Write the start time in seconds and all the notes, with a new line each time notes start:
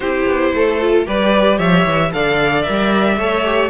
0.00 C4 E4 G4 C5
0.26 B3
0.53 A3 A4
0.81 F4
1.05 G3 G4 B4 D5
1.57 F3 C#5 E5
1.85 E3
2.11 D3 A4 D5 F5
2.62 A#4 E5
2.69 G3
3.17 A3 A4 C#5
3.44 G4